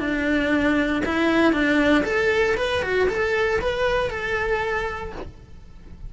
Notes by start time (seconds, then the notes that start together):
0.00 D4
1.05 E4
1.53 D4
2.05 A4
2.57 B4
2.83 F#4
3.09 A4
3.61 B4
4.10 A4